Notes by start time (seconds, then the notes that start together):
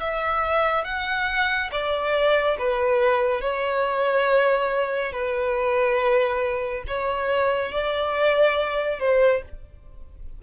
0.00 E5
0.85 F#5
1.71 D5
2.59 B4
3.41 C#5
5.12 B4
6.88 C#5
7.72 D5
9.00 C5